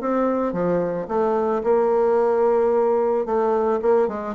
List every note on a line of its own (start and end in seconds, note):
0.00 0.52 C4
0.52 1.06 F3
1.08 1.62 A3
1.63 3.25 A#3
3.25 3.79 A3
3.82 4.08 A#3
4.08 4.35 G#3